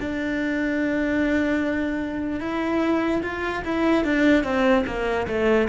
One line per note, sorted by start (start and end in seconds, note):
0.00 2.40 D4
2.40 3.21 E4
3.22 3.63 F4
3.64 4.04 E4
4.04 4.44 D4
4.44 4.84 C4
4.86 5.27 A#3
5.27 5.68 A3